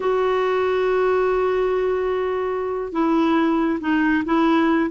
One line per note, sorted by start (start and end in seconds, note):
0.00 2.92 F#4
2.92 3.79 E4
3.80 4.24 D#4
4.25 4.90 E4